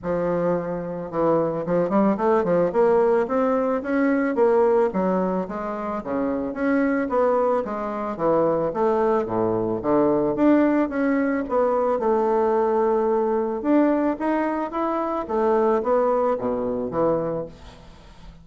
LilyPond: \new Staff \with { instrumentName = "bassoon" } { \time 4/4 \tempo 4 = 110 f2 e4 f8 g8 | a8 f8 ais4 c'4 cis'4 | ais4 fis4 gis4 cis4 | cis'4 b4 gis4 e4 |
a4 a,4 d4 d'4 | cis'4 b4 a2~ | a4 d'4 dis'4 e'4 | a4 b4 b,4 e4 | }